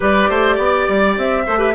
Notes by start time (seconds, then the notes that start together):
0.00 G3 G4 B4 D5
0.29 A3 C5
0.55 B3 D5
0.88 G3
1.17 C4 E5
1.46 A3 A4 C5
1.58 G4 B4